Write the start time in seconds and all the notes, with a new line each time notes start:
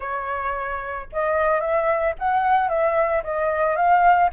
0.00 C#5
1.12 D#5
1.60 E5
2.18 F#5
2.68 E5
3.23 D#5
3.75 F5